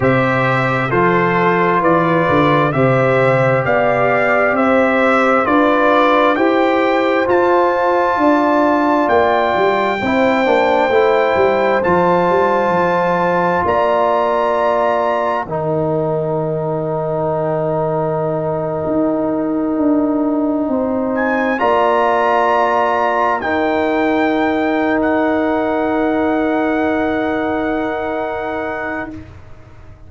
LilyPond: <<
  \new Staff \with { instrumentName = "trumpet" } { \time 4/4 \tempo 4 = 66 e''4 c''4 d''4 e''4 | f''4 e''4 d''4 g''4 | a''2 g''2~ | g''4 a''2 ais''4~ |
ais''4 g''2.~ | g''2.~ g''16 gis''8 ais''16~ | ais''4.~ ais''16 g''4.~ g''16 fis''8~ | fis''1 | }
  \new Staff \with { instrumentName = "horn" } { \time 4/4 c''4 a'4 b'4 c''4 | d''4 c''4 b'4 c''4~ | c''4 d''2 c''4~ | c''2. d''4~ |
d''4 ais'2.~ | ais'2~ ais'8. c''4 d''16~ | d''4.~ d''16 ais'2~ ais'16~ | ais'1 | }
  \new Staff \with { instrumentName = "trombone" } { \time 4/4 g'4 f'2 g'4~ | g'2 f'4 g'4 | f'2. e'8 d'8 | e'4 f'2.~ |
f'4 dis'2.~ | dis'2.~ dis'8. f'16~ | f'4.~ f'16 dis'2~ dis'16~ | dis'1 | }
  \new Staff \with { instrumentName = "tuba" } { \time 4/4 c4 f4 e8 d8 c4 | b4 c'4 d'4 e'4 | f'4 d'4 ais8 g8 c'8 ais8 | a8 g8 f8 g8 f4 ais4~ |
ais4 dis2.~ | dis8. dis'4 d'4 c'4 ais16~ | ais4.~ ais16 dis'2~ dis'16~ | dis'1 | }
>>